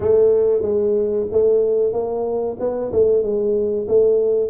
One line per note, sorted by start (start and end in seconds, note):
0.00 0.62 A3
0.62 1.26 G#3
1.31 1.92 A3
1.92 2.57 A#3
2.59 2.91 B3
2.91 3.22 A3
3.22 3.87 G#3
3.88 4.49 A3